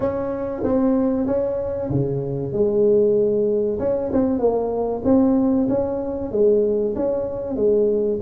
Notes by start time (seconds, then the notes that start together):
0.00 C#4
0.63 C4
1.26 C#4
1.90 C#3
2.52 G#3
3.79 C#4
4.12 C4
4.39 A#3
5.04 C4
5.68 C#4
6.31 G#3
6.95 C#4
7.56 G#3